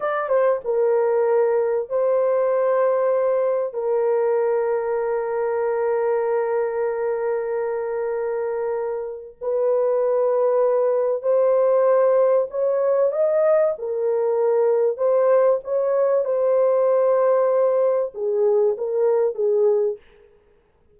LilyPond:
\new Staff \with { instrumentName = "horn" } { \time 4/4 \tempo 4 = 96 d''8 c''8 ais'2 c''4~ | c''2 ais'2~ | ais'1~ | ais'2. b'4~ |
b'2 c''2 | cis''4 dis''4 ais'2 | c''4 cis''4 c''2~ | c''4 gis'4 ais'4 gis'4 | }